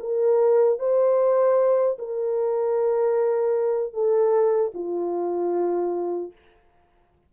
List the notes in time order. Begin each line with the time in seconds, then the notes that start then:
0.00 A#4
0.79 C5
1.98 A#4
3.93 A4
4.74 F4